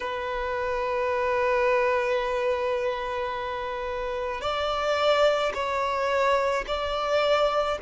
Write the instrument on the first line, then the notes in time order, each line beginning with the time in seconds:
violin
0.00 B4
4.41 D5
5.54 C#5
6.67 D5